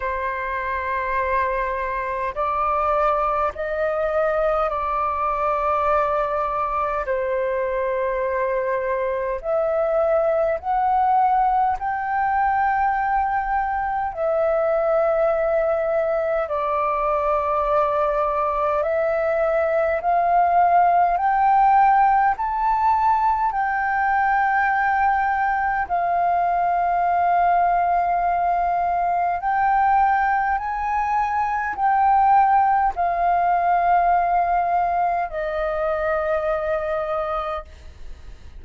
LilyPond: \new Staff \with { instrumentName = "flute" } { \time 4/4 \tempo 4 = 51 c''2 d''4 dis''4 | d''2 c''2 | e''4 fis''4 g''2 | e''2 d''2 |
e''4 f''4 g''4 a''4 | g''2 f''2~ | f''4 g''4 gis''4 g''4 | f''2 dis''2 | }